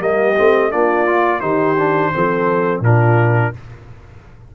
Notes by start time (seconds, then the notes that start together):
0.00 G3 A#3 G4 D#5
0.36 A3 C4
0.71 A#3 D4 F4 D5
1.07 F4
1.41 D#3 D#4 G4 C5
1.79 D4
2.13 F3 C4 A4
2.81 A#2 D4 F4 A#4